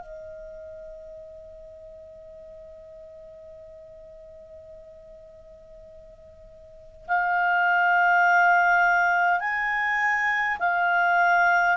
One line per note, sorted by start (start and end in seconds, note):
0.00 7.06 D#5
7.07 9.40 F5
9.40 10.57 G#5
10.59 11.76 F5